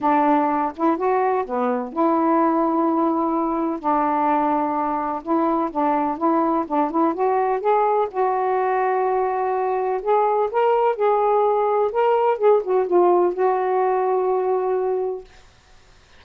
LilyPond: \new Staff \with { instrumentName = "saxophone" } { \time 4/4 \tempo 4 = 126 d'4. e'8 fis'4 b4 | e'1 | d'2. e'4 | d'4 e'4 d'8 e'8 fis'4 |
gis'4 fis'2.~ | fis'4 gis'4 ais'4 gis'4~ | gis'4 ais'4 gis'8 fis'8 f'4 | fis'1 | }